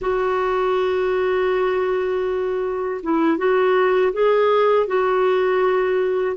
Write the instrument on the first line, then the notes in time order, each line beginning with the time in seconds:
clarinet
0.01 F#4
3.02 E4
3.37 F#4
4.12 G#4
4.86 F#4